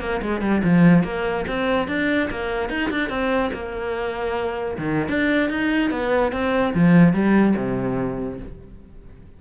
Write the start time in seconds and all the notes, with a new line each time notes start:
0.00 A#3
0.22 G#3
0.41 G3
0.64 F3
1.04 A#3
1.48 C4
1.88 D4
2.30 A#3
2.70 D#4
2.90 D4
3.09 C4
3.53 A#3
4.78 D#3
5.08 D4
5.50 D#4
5.91 B3
6.32 C4
6.74 F3
7.13 G3
7.56 C3